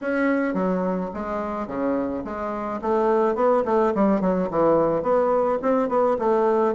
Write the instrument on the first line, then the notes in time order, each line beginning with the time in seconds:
bassoon
0.01 C#4
0.54 F#3
1.14 G#3
1.67 C#3
2.24 G#3
2.81 A3
3.35 B3
3.64 A3
3.94 G3
4.20 F#3
4.50 E3
5.02 B3
5.62 C4
5.89 B3
6.18 A3